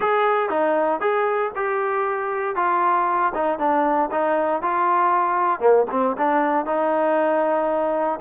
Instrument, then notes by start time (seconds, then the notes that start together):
trombone
0.00 G#4
0.49 D#4
1.00 G#4
1.55 G4
2.55 F4
3.34 D#4
3.59 D4
4.11 D#4
4.62 F4
5.59 A#3
5.90 C4
6.17 D4
6.65 D#4